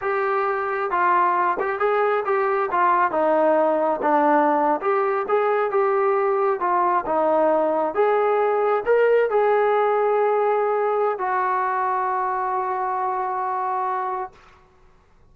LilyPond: \new Staff \with { instrumentName = "trombone" } { \time 4/4 \tempo 4 = 134 g'2 f'4. g'8 | gis'4 g'4 f'4 dis'4~ | dis'4 d'4.~ d'16 g'4 gis'16~ | gis'8. g'2 f'4 dis'16~ |
dis'4.~ dis'16 gis'2 ais'16~ | ais'8. gis'2.~ gis'16~ | gis'4 fis'2.~ | fis'1 | }